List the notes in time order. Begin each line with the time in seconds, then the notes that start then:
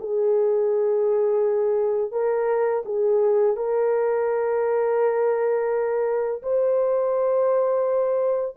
0.00 G#4
2.12 A#4
2.85 G#4
3.57 A#4
6.43 C5